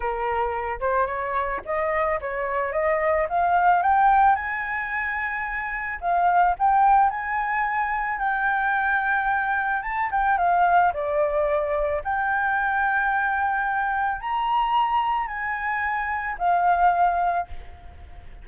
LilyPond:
\new Staff \with { instrumentName = "flute" } { \time 4/4 \tempo 4 = 110 ais'4. c''8 cis''4 dis''4 | cis''4 dis''4 f''4 g''4 | gis''2. f''4 | g''4 gis''2 g''4~ |
g''2 a''8 g''8 f''4 | d''2 g''2~ | g''2 ais''2 | gis''2 f''2 | }